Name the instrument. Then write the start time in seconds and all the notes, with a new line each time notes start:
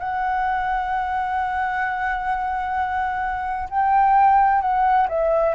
flute
0.00 F#5
3.70 G5
4.62 F#5
5.09 E5